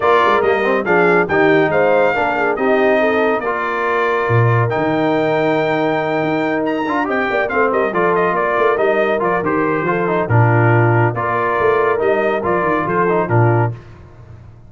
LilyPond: <<
  \new Staff \with { instrumentName = "trumpet" } { \time 4/4 \tempo 4 = 140 d''4 dis''4 f''4 g''4 | f''2 dis''2 | d''2. g''4~ | g''2.~ g''8 ais''8~ |
ais''8 g''4 f''8 dis''8 d''8 dis''8 d''8~ | d''8 dis''4 d''8 c''2 | ais'2 d''2 | dis''4 d''4 c''4 ais'4 | }
  \new Staff \with { instrumentName = "horn" } { \time 4/4 ais'2 gis'4 g'4 | c''4 ais'8 gis'8 g'4 a'4 | ais'1~ | ais'1~ |
ais'8 dis''8 d''8 c''8 ais'8 a'4 ais'8~ | ais'2. a'4 | f'2 ais'2~ | ais'2 a'4 f'4 | }
  \new Staff \with { instrumentName = "trombone" } { \time 4/4 f'4 ais8 c'8 d'4 dis'4~ | dis'4 d'4 dis'2 | f'2. dis'4~ | dis'1 |
f'8 g'4 c'4 f'4.~ | f'8 dis'4 f'8 g'4 f'8 dis'8 | d'2 f'2 | dis'4 f'4. dis'8 d'4 | }
  \new Staff \with { instrumentName = "tuba" } { \time 4/4 ais8 gis8 g4 f4 dis4 | gis4 ais4 c'2 | ais2 ais,4 dis4~ | dis2~ dis8 dis'4. |
d'8 c'8 ais8 a8 g8 f4 ais8 | a8 g4 f8 dis4 f4 | ais,2 ais4 a4 | g4 f8 dis8 f4 ais,4 | }
>>